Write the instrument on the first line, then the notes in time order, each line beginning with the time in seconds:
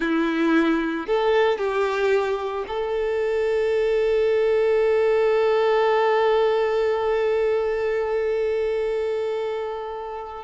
violin
0.00 E4
1.06 A4
1.58 G4
2.67 A4